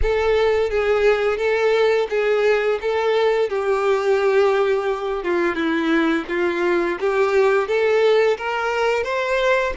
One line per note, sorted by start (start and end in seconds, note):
0.02 0.70 A4
0.70 1.37 G#4
1.37 2.07 A4
2.09 2.79 G#4
2.81 3.49 A4
3.49 5.23 G4
5.23 5.55 F4
5.55 6.24 E4
6.28 6.98 F4
7.00 7.67 G4
7.67 8.37 A4
8.37 9.03 A#4
9.03 9.73 C5